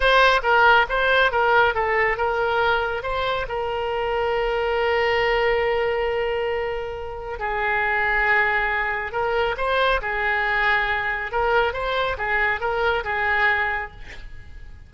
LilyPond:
\new Staff \with { instrumentName = "oboe" } { \time 4/4 \tempo 4 = 138 c''4 ais'4 c''4 ais'4 | a'4 ais'2 c''4 | ais'1~ | ais'1~ |
ais'4 gis'2.~ | gis'4 ais'4 c''4 gis'4~ | gis'2 ais'4 c''4 | gis'4 ais'4 gis'2 | }